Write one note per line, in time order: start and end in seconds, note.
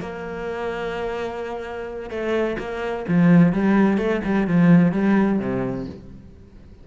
0.00 2.10 A#3
2.10 2.57 A3
2.58 3.05 A#3
3.08 3.52 F3
3.52 3.97 G3
3.97 4.21 A3
4.24 4.47 G3
4.47 4.92 F3
4.92 5.39 G3
5.39 5.86 C3